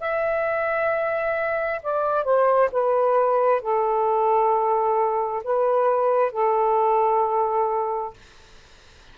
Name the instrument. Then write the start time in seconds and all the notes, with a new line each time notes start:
saxophone
0.00 E5
1.83 D5
2.24 C5
2.72 B4
3.62 A4
5.44 B4
6.32 A4